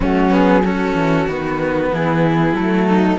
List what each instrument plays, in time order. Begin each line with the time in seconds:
0.00 cello F#3 A3, violin C#4, flute F#4
0.30 cello B3, flute G#4
0.63 cello C#4, violin F#4, flute A4
0.94 cello E3
1.27 cello D#3 B3, flute B4
1.92 cello E3, violin E4, flute G#4
2.52 cello F#3 A3, flute A4
2.88 violin D#4